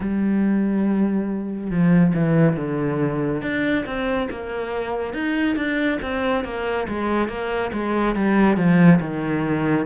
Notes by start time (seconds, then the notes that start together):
0.00 G3
1.70 F3
2.14 E3
2.56 D3
3.42 D4
3.86 C4
4.30 A#3
5.14 D#4
5.56 D4
6.02 C4
6.44 A#3
6.88 G#3
7.28 A#3
7.72 G#3
8.15 G3
8.56 F3
9.00 D#3